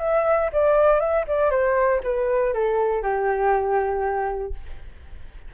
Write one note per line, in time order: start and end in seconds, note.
0.00 0.50 E5
0.53 1.00 D5
1.00 1.25 E5
1.28 1.51 D5
1.51 2.01 C5
2.04 2.54 B4
2.54 3.03 A4
3.03 4.54 G4